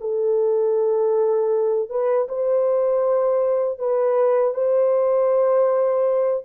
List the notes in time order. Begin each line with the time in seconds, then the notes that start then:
0.00 A4
1.89 B4
2.28 C5
3.78 B4
4.53 C5